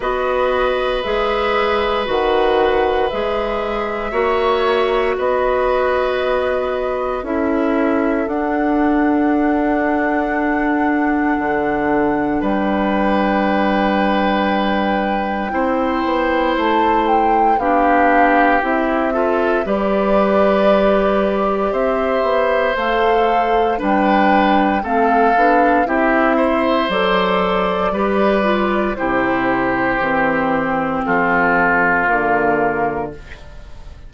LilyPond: <<
  \new Staff \with { instrumentName = "flute" } { \time 4/4 \tempo 4 = 58 dis''4 e''4 fis''4 e''4~ | e''4 dis''2 e''4 | fis''1 | g''1 |
a''8 g''8 f''4 e''4 d''4~ | d''4 e''4 f''4 g''4 | f''4 e''4 d''2 | c''2 a'4 ais'4 | }
  \new Staff \with { instrumentName = "oboe" } { \time 4/4 b'1 | cis''4 b'2 a'4~ | a'1 | b'2. c''4~ |
c''4 g'4. a'8 b'4~ | b'4 c''2 b'4 | a'4 g'8 c''4. b'4 | g'2 f'2 | }
  \new Staff \with { instrumentName = "clarinet" } { \time 4/4 fis'4 gis'4 fis'4 gis'4 | fis'2. e'4 | d'1~ | d'2. e'4~ |
e'4 d'4 e'8 f'8 g'4~ | g'2 a'4 d'4 | c'8 d'8 e'4 a'4 g'8 f'8 | e'4 c'2 ais4 | }
  \new Staff \with { instrumentName = "bassoon" } { \time 4/4 b4 gis4 dis4 gis4 | ais4 b2 cis'4 | d'2. d4 | g2. c'8 b8 |
a4 b4 c'4 g4~ | g4 c'8 b8 a4 g4 | a8 b8 c'4 fis4 g4 | c4 e4 f4 d4 | }
>>